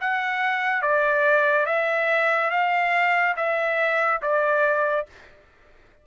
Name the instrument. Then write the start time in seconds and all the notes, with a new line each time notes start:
trumpet
0.00 F#5
0.82 D5
1.66 E5
2.50 F5
3.36 E5
4.22 D5